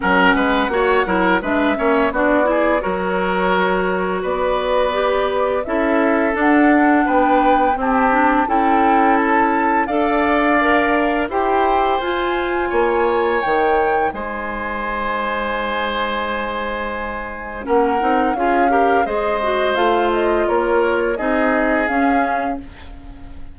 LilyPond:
<<
  \new Staff \with { instrumentName = "flute" } { \time 4/4 \tempo 4 = 85 fis''2 e''4 d''4 | cis''2 d''2 | e''4 fis''4 g''4 a''4 | g''4 a''4 f''2 |
g''4 gis''2 g''4 | gis''1~ | gis''4 fis''4 f''4 dis''4 | f''8 dis''8 cis''4 dis''4 f''4 | }
  \new Staff \with { instrumentName = "oboe" } { \time 4/4 ais'8 b'8 cis''8 ais'8 b'8 cis''8 fis'8 gis'8 | ais'2 b'2 | a'2 b'4 g'4 | a'2 d''2 |
c''2 cis''2 | c''1~ | c''4 ais'4 gis'8 ais'8 c''4~ | c''4 ais'4 gis'2 | }
  \new Staff \with { instrumentName = "clarinet" } { \time 4/4 cis'4 fis'8 e'8 d'8 cis'8 d'8 e'8 | fis'2. g'4 | e'4 d'2 c'8 d'8 | e'2 a'4 ais'4 |
g'4 f'2 dis'4~ | dis'1~ | dis'4 cis'8 dis'8 f'8 g'8 gis'8 fis'8 | f'2 dis'4 cis'4 | }
  \new Staff \with { instrumentName = "bassoon" } { \time 4/4 fis8 gis8 ais8 fis8 gis8 ais8 b4 | fis2 b2 | cis'4 d'4 b4 c'4 | cis'2 d'2 |
e'4 f'4 ais4 dis4 | gis1~ | gis4 ais8 c'8 cis'4 gis4 | a4 ais4 c'4 cis'4 | }
>>